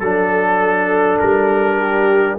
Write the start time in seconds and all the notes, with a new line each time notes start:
0.00 F#3 D4 A4
1.19 G3 A#4
1.78 G4